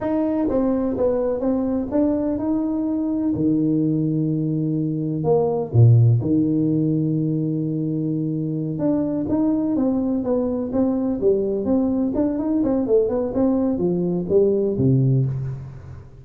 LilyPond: \new Staff \with { instrumentName = "tuba" } { \time 4/4 \tempo 4 = 126 dis'4 c'4 b4 c'4 | d'4 dis'2 dis4~ | dis2. ais4 | ais,4 dis2.~ |
dis2~ dis8 d'4 dis'8~ | dis'8 c'4 b4 c'4 g8~ | g8 c'4 d'8 dis'8 c'8 a8 b8 | c'4 f4 g4 c4 | }